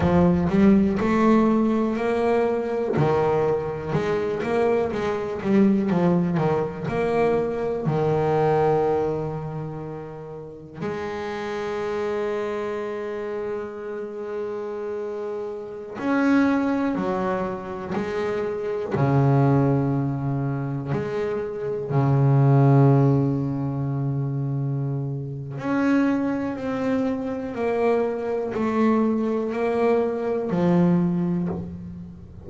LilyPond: \new Staff \with { instrumentName = "double bass" } { \time 4/4 \tempo 4 = 61 f8 g8 a4 ais4 dis4 | gis8 ais8 gis8 g8 f8 dis8 ais4 | dis2. gis4~ | gis1~ |
gis16 cis'4 fis4 gis4 cis8.~ | cis4~ cis16 gis4 cis4.~ cis16~ | cis2 cis'4 c'4 | ais4 a4 ais4 f4 | }